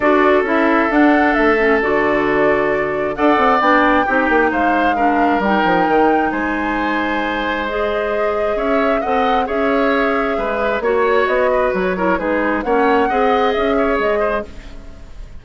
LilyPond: <<
  \new Staff \with { instrumentName = "flute" } { \time 4/4 \tempo 4 = 133 d''4 e''4 fis''4 e''4 | d''2. fis''4 | g''2 f''2 | g''2 gis''2~ |
gis''4 dis''2 e''4 | fis''4 e''2. | cis''4 dis''4 cis''4 b'4 | fis''2 e''4 dis''4 | }
  \new Staff \with { instrumentName = "oboe" } { \time 4/4 a'1~ | a'2. d''4~ | d''4 g'4 c''4 ais'4~ | ais'2 c''2~ |
c''2. cis''4 | dis''4 cis''2 b'4 | cis''4. b'4 ais'8 gis'4 | cis''4 dis''4. cis''4 c''8 | }
  \new Staff \with { instrumentName = "clarinet" } { \time 4/4 fis'4 e'4 d'4. cis'8 | fis'2. a'4 | d'4 dis'2 d'4 | dis'1~ |
dis'4 gis'2. | a'4 gis'2. | fis'2~ fis'8 e'8 dis'4 | cis'4 gis'2. | }
  \new Staff \with { instrumentName = "bassoon" } { \time 4/4 d'4 cis'4 d'4 a4 | d2. d'8 c'8 | b4 c'8 ais8 gis2 | g8 f8 dis4 gis2~ |
gis2. cis'4 | c'4 cis'2 gis4 | ais4 b4 fis4 gis4 | ais4 c'4 cis'4 gis4 | }
>>